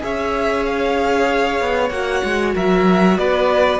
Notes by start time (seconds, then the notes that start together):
0.00 C#4 G#4 C#5 E5
0.65 F5
1.60 B3
1.89 A#3 F#4 F#5
2.23 G#3
2.54 F#3 A#4 E5
3.18 B3 B4 D5